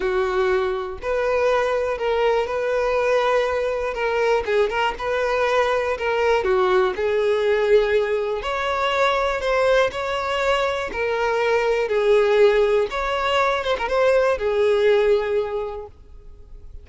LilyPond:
\new Staff \with { instrumentName = "violin" } { \time 4/4 \tempo 4 = 121 fis'2 b'2 | ais'4 b'2. | ais'4 gis'8 ais'8 b'2 | ais'4 fis'4 gis'2~ |
gis'4 cis''2 c''4 | cis''2 ais'2 | gis'2 cis''4. c''16 ais'16 | c''4 gis'2. | }